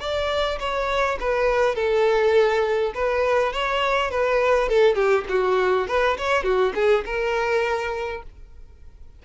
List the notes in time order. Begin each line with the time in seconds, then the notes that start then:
0.00 D5
0.60 C#5
1.20 B4
1.75 A4
2.95 B4
3.53 C#5
4.11 B4
4.69 A4
4.95 G4
5.29 F#4
5.88 B4
6.18 C#5
6.44 F#4
6.75 G#4
7.05 A#4